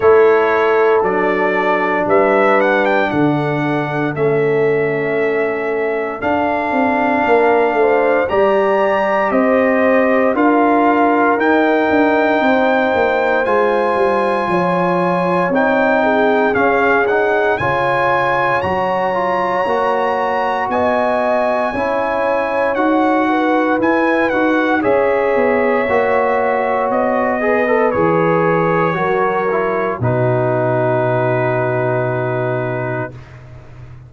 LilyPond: <<
  \new Staff \with { instrumentName = "trumpet" } { \time 4/4 \tempo 4 = 58 cis''4 d''4 e''8 fis''16 g''16 fis''4 | e''2 f''2 | ais''4 dis''4 f''4 g''4~ | g''4 gis''2 g''4 |
f''8 fis''8 gis''4 ais''2 | gis''2 fis''4 gis''8 fis''8 | e''2 dis''4 cis''4~ | cis''4 b'2. | }
  \new Staff \with { instrumentName = "horn" } { \time 4/4 a'2 b'4 a'4~ | a'2. ais'8 c''8 | d''4 c''4 ais'2 | c''2 cis''4. gis'8~ |
gis'4 cis''2. | dis''4 cis''4. b'4. | cis''2~ cis''8 b'4. | ais'4 fis'2. | }
  \new Staff \with { instrumentName = "trombone" } { \time 4/4 e'4 d'2. | cis'2 d'2 | g'2 f'4 dis'4~ | dis'4 f'2 dis'4 |
cis'8 dis'8 f'4 fis'8 f'8 fis'4~ | fis'4 e'4 fis'4 e'8 fis'8 | gis'4 fis'4. gis'16 a'16 gis'4 | fis'8 e'8 dis'2. | }
  \new Staff \with { instrumentName = "tuba" } { \time 4/4 a4 fis4 g4 d4 | a2 d'8 c'8 ais8 a8 | g4 c'4 d'4 dis'8 d'8 | c'8 ais8 gis8 g8 f4 c'4 |
cis'4 cis4 fis4 ais4 | b4 cis'4 dis'4 e'8 dis'8 | cis'8 b8 ais4 b4 e4 | fis4 b,2. | }
>>